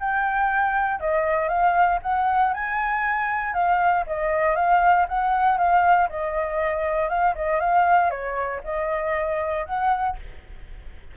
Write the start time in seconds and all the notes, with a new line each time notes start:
0.00 G5
1.00 D#5
1.48 F5
2.03 F#5
2.54 G#5
3.54 F5
4.07 D#5
4.56 F5
5.08 F#5
5.57 F5
6.09 D#5
7.09 F5
7.35 D#5
7.60 F5
8.11 C#5
8.64 D#5
9.65 F#5